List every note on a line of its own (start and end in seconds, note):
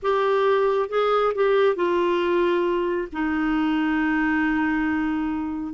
0.02 0.89 G4
0.89 1.33 G#4
1.35 1.75 G4
1.75 3.07 F4
3.12 5.73 D#4